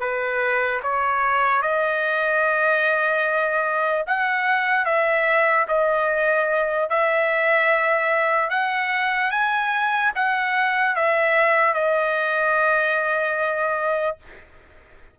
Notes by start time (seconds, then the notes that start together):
0.00 B4
0.83 C#5
1.62 D#5
4.07 F#5
4.85 E5
5.68 D#5
6.90 E5
8.50 F#5
9.31 G#5
10.15 F#5
10.96 E5
11.74 D#5